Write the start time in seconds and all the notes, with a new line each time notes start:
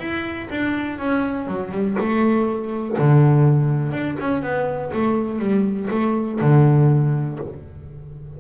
0.00 E4
0.51 D4
0.99 C#4
1.48 F#3
1.72 G3
1.99 A3
2.99 D3
3.93 D4
4.20 C#4
4.43 B3
4.94 A3
5.39 G3
5.91 A3
6.41 D3